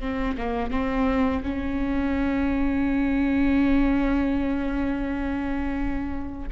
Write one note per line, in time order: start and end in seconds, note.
0.00 0.36 C4
0.37 0.70 A#3
0.70 1.43 C4
1.43 6.49 C#4